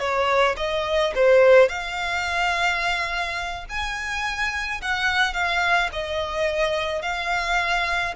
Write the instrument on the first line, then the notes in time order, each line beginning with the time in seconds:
violin
0.00 C#5
0.57 D#5
1.15 C5
1.69 F5
3.70 G#5
4.82 F#5
5.34 F5
5.93 D#5
7.02 F5